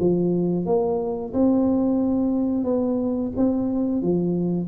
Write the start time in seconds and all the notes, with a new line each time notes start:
0.00 F3
0.66 A#3
1.33 C4
2.64 B3
3.36 C4
4.02 F3